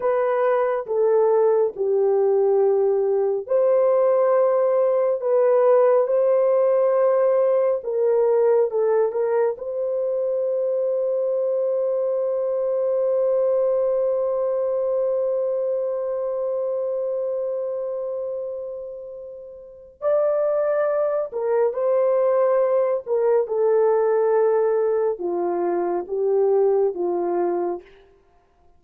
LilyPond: \new Staff \with { instrumentName = "horn" } { \time 4/4 \tempo 4 = 69 b'4 a'4 g'2 | c''2 b'4 c''4~ | c''4 ais'4 a'8 ais'8 c''4~ | c''1~ |
c''1~ | c''2. d''4~ | d''8 ais'8 c''4. ais'8 a'4~ | a'4 f'4 g'4 f'4 | }